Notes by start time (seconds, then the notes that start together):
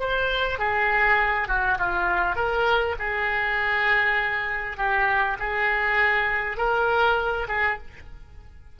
0.00 C5
0.59 G#4
1.48 F#4
1.79 F4
2.36 A#4
2.99 G#4
4.77 G4
5.39 G#4
6.58 A#4
7.48 G#4